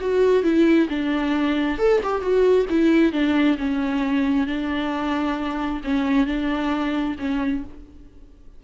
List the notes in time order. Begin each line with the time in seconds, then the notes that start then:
0.00 F#4
0.43 E4
0.89 D4
1.78 A4
2.03 G4
2.21 F#4
2.69 E4
3.12 D4
3.58 C#4
4.46 D4
5.84 C#4
6.26 D4
7.19 C#4